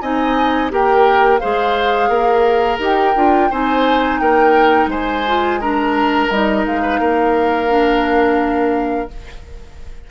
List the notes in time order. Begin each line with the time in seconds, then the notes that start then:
0.00 C4 D#4 D#5 G#5
0.70 A#3 G4 A#4 G5
1.38 G#3 G#4 C5 F5
2.09 A#3 A#4
2.78 D#4 G4 G5
3.15 D4 F4
3.50 C4 D#4 C5 G#5
4.18 A#3 A#4 G5
4.86 G#3 C5 G#5
5.27 F4
5.60 D4 A#4 A#5
6.30 G3 D#4 D#5
6.65 G#3 F5
6.82 B4
6.99 A#3 A#4
7.68 D4